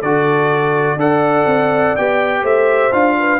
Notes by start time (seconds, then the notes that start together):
0.00 D3 F#4 A4 D5
0.96 D4 A4 D5 F#5
1.46 C4
1.96 B3 G4 G5
2.42 A3 C5 E5
2.92 D4 F4 F5
3.18 B4